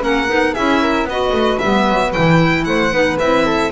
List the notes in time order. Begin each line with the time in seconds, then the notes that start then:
0.00 A#3 C#4 A#4 F#5
0.28 B3 D#4
0.53 C#4 E4 G#4 E5
0.81 A#4
1.04 B3 B4 D#5
1.11 F#4
1.32 A3
1.59 G3 B3 E5
1.89 F#3
2.13 E3 E4 G5
2.64 A3 C5 F#5
2.91 B3 D#4 B4
3.19 C4 E4 E5
3.45 A4